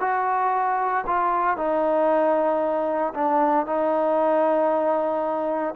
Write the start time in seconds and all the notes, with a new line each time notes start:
0.00 F#4
1.06 F4
1.57 D#4
3.14 D4
3.66 D#4